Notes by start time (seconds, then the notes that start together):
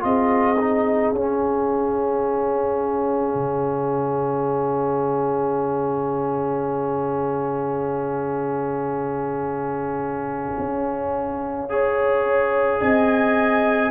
0.00 C4 F4 G#4 D#5
0.59 D#4
1.13 C#4 F5
3.34 C#3
10.59 C#4
11.69 G#4 C#5
12.81 C4 D#5 G#5